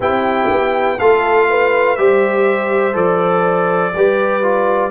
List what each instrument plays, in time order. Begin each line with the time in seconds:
0.00 tuba C4, trombone E4, horn G4, trumpet G5
0.50 tuba B3
0.98 tuba A3, trombone F4, horn A4, trumpet F5
1.50 horn B4
1.96 tuba G3, trombone G4, horn C5, trumpet E5
2.93 tuba F3, trombone A4, trumpet D5
3.94 tuba G3, trombone G4, horn B4
4.42 trombone F4